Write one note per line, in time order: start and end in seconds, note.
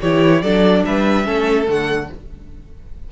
0.00 0.42 E3
0.00 0.44 E4
0.00 0.41 G4
0.00 0.42 C#5
0.42 0.83 F#3
0.42 1.24 D4
0.42 0.84 A4
0.42 0.83 D5
0.85 1.26 G3
0.85 1.26 B4
0.85 1.67 E5
1.24 1.67 A3
1.24 1.65 C#4
1.24 2.09 A4
1.67 2.09 D3
1.67 2.09 A3
1.67 2.11 F#5